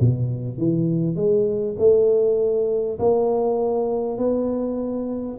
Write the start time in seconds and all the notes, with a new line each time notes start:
0.00 B2
0.58 E3
1.16 G#3
1.78 A3
2.99 A#3
4.18 B3